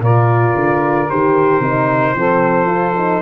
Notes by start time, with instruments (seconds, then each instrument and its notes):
0.00 tuba A#2, horn F4, saxophone A#4, trumpet D5
0.55 tuba D3
1.10 tuba D#3, horn G4, trumpet C5
1.60 tuba C3, horn D#4
2.15 tuba F3, horn C4, saxophone A4
2.66 horn F4
2.97 horn D#4